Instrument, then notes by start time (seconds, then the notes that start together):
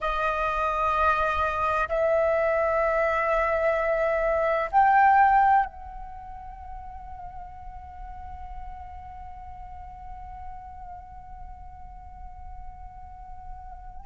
flute
0.00 D#5
1.88 E5
4.71 G5
5.65 F#5